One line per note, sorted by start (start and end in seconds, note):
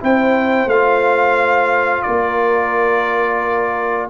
0.00 0.66 C4
0.00 0.68 E4
0.00 2.07 C5
0.00 0.69 G5
0.66 2.02 A3
0.66 4.10 F4
0.66 2.02 F5
2.02 4.10 A#3
2.02 4.10 A#4
2.02 4.07 D5